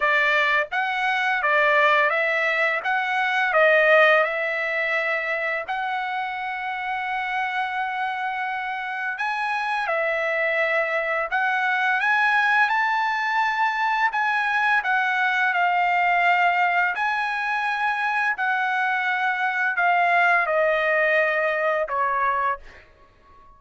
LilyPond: \new Staff \with { instrumentName = "trumpet" } { \time 4/4 \tempo 4 = 85 d''4 fis''4 d''4 e''4 | fis''4 dis''4 e''2 | fis''1~ | fis''4 gis''4 e''2 |
fis''4 gis''4 a''2 | gis''4 fis''4 f''2 | gis''2 fis''2 | f''4 dis''2 cis''4 | }